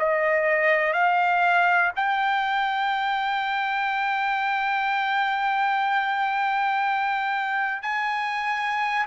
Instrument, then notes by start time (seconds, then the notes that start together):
trumpet
0.00 D#5
0.94 F5
1.96 G5
7.83 G#5